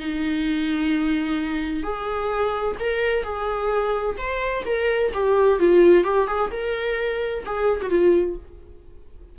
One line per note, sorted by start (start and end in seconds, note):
0.00 1.84 D#4
1.84 2.77 G#4
2.80 3.24 A#4
3.24 4.17 G#4
4.18 4.64 C5
4.66 5.13 A#4
5.14 5.60 G4
5.60 6.04 F4
6.04 6.28 G4
6.28 6.51 G#4
6.51 7.44 A#4
7.46 7.81 G#4
7.82 7.90 F#4
7.90 8.37 F4